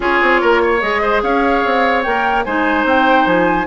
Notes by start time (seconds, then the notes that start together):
0.00 C#4 F4 G#4 C#5
0.21 C4
0.41 A#3 A#4
0.62 C#5
0.81 G#3 G#4 D#5
1.02 C5
1.22 C#4 C#5 F5
1.65 C4
2.02 A#3 A#4 G5
2.44 G#3 D#4 C5 G#5
2.84 C4 G5
3.26 F3 G#5